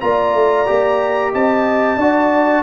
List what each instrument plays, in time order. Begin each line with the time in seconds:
0.00 tuba A#3, trombone F4, horn D5, trumpet A#5
0.34 tuba A3
0.66 tuba A#3, trombone G4
1.32 tuba C4, horn D#5, trumpet A5
1.97 tuba D4, trombone F#4, horn D5